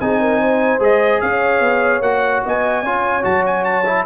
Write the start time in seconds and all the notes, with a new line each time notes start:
0.00 C4 D#4 G#4 G#5
0.21 A#4
0.41 C5
0.80 G#3 G#4 D#5
1.21 C#4 C#5 F5
1.61 B3
2.01 A#3 F#4 F#5
2.45 B3 D#5 G#5
2.83 C#4 F4 C#5
3.23 F#3 F#4 A5
3.47 G#5
3.65 A5
3.86 E4